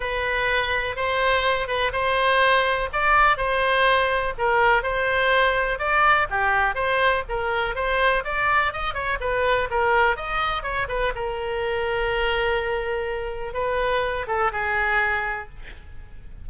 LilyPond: \new Staff \with { instrumentName = "oboe" } { \time 4/4 \tempo 4 = 124 b'2 c''4. b'8 | c''2 d''4 c''4~ | c''4 ais'4 c''2 | d''4 g'4 c''4 ais'4 |
c''4 d''4 dis''8 cis''8 b'4 | ais'4 dis''4 cis''8 b'8 ais'4~ | ais'1 | b'4. a'8 gis'2 | }